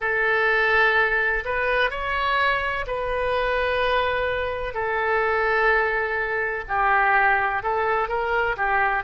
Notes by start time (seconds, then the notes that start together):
0.00 A4
1.45 B4
1.90 C#5
2.86 B4
4.74 A4
6.68 G4
7.62 A4
8.08 A#4
8.56 G4